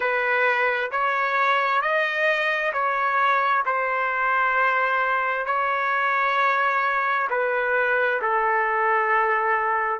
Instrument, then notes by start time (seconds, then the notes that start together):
trumpet
0.00 B4
0.91 C#5
1.81 D#5
2.72 C#5
3.65 C5
5.45 C#5
7.30 B4
8.21 A4